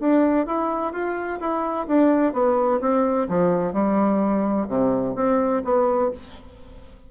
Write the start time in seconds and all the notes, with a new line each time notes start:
0.00 D4
0.46 E4
0.93 F4
1.40 E4
1.87 D4
2.33 B3
2.81 C4
3.29 F3
3.73 G3
4.69 C3
5.16 C4
5.64 B3